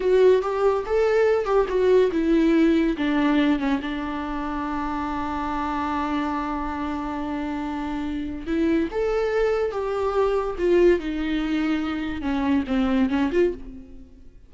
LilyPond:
\new Staff \with { instrumentName = "viola" } { \time 4/4 \tempo 4 = 142 fis'4 g'4 a'4. g'8 | fis'4 e'2 d'4~ | d'8 cis'8 d'2.~ | d'1~ |
d'1 | e'4 a'2 g'4~ | g'4 f'4 dis'2~ | dis'4 cis'4 c'4 cis'8 f'8 | }